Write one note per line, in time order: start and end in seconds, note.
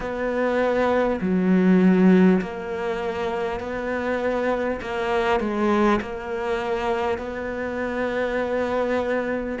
0.00 1.19 B3
1.20 2.40 F#3
2.41 3.60 A#3
3.60 4.80 B3
4.81 5.40 A#3
5.40 6.00 G#3
6.01 7.18 A#3
7.18 9.58 B3